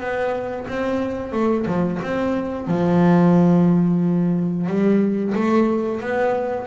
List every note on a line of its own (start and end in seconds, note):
0.00 0.67 B3
0.68 1.32 C4
1.32 1.65 A3
1.67 2.00 F3
2.02 2.67 C4
2.67 4.67 F3
4.67 5.33 G3
5.35 6.00 A3
6.00 6.67 B3